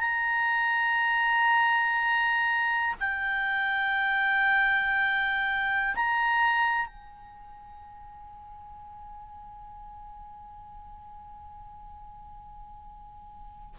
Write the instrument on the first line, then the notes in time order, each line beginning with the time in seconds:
clarinet
0.00 A#5
3.00 G5
5.95 A#5
6.86 G#5